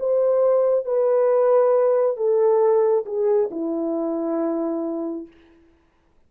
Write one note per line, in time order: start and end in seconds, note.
0.00 0.85 C5
0.85 2.17 B4
2.17 3.05 A4
3.06 3.50 G#4
3.51 5.27 E4